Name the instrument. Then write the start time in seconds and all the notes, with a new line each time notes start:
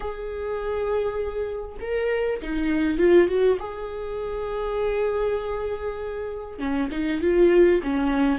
viola
0.00 G#4
1.80 A#4
2.42 D#4
2.98 F4
3.28 F#4
3.59 G#4
6.58 C#4
6.91 D#4
7.21 F4
7.83 C#4